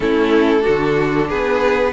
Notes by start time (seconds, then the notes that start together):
0.00 A3 C#4 E4 A4
0.61 D4 F#4
0.68 D3
1.28 B3 G#4 B4